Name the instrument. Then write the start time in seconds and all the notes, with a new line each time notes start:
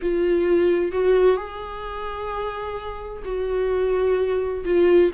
viola
0.01 F4
0.92 F#4
1.36 G#4
3.25 F#4
4.64 F4